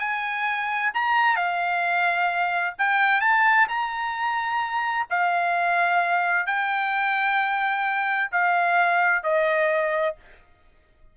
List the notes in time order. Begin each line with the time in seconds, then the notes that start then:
0.00 G#5
0.94 A#5
1.36 F5
2.79 G5
3.21 A5
3.69 A#5
5.10 F5
6.47 G5
8.32 F5
9.23 D#5